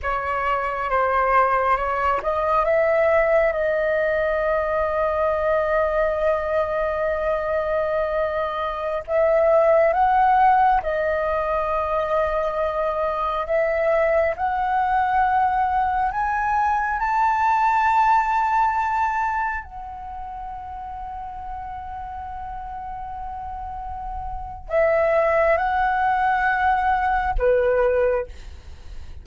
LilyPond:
\new Staff \with { instrumentName = "flute" } { \time 4/4 \tempo 4 = 68 cis''4 c''4 cis''8 dis''8 e''4 | dis''1~ | dis''2~ dis''16 e''4 fis''8.~ | fis''16 dis''2. e''8.~ |
e''16 fis''2 gis''4 a''8.~ | a''2~ a''16 fis''4.~ fis''16~ | fis''1 | e''4 fis''2 b'4 | }